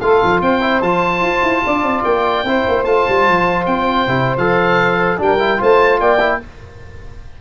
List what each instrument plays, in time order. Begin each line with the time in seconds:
0.00 tuba A3, trombone F4, saxophone A4, oboe F5
0.23 tuba F3
0.41 tuba C4, saxophone C5, oboe G5
0.61 trombone E4
0.81 tuba F3, trombone F4, oboe A5
1.21 tuba F4
1.42 tuba E4
1.65 tuba D4, saxophone D5
1.82 tuba C4
2.04 tuba A#3, oboe G5
2.43 tuba C4, trombone E4, saxophone C5
2.68 tuba A#3
2.84 tuba A3, trombone F4, oboe A5
3.08 tuba G3
3.28 tuba F3
3.66 tuba C4, oboe G5
4.07 tuba C3, trombone E4
4.37 tuba F3, trombone A4, oboe F5
5.18 tuba G3, trombone D4, saxophone A#4, oboe G5
5.39 trombone E4
5.57 tuba A3, trombone F4, saxophone C5, oboe A5
5.99 tuba A#3, saxophone D5, oboe G5
6.19 trombone E4